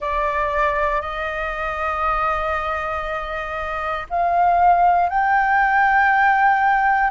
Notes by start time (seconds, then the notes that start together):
0.00 D5
1.01 D#5
4.09 F5
5.08 G5